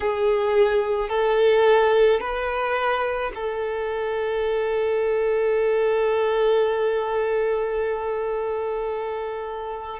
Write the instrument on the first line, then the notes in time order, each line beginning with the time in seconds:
violin
0.00 G#4
1.09 A4
2.20 B4
3.34 A4